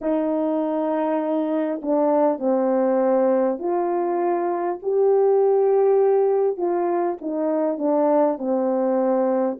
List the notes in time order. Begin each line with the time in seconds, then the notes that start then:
0.01 D#4
1.82 D4
2.38 C4
3.58 F4
4.82 G4
6.57 F4
7.21 D#4
7.78 D4
8.38 C4